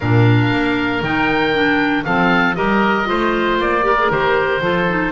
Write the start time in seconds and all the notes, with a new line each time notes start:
0.00 A#2 D4 A#4 F5
0.51 A#3
1.02 D#3 D#4 G5
1.53 D4
2.04 F3 C4 A4 F5
2.55 G3 G4 A#4 D#5
3.04 A3 F4 C5
3.58 A#3 D5
3.82 G4 A#4
3.98 G#4
4.10 D#3 G4 C5
4.60 F3 F4 A4
4.88 D#4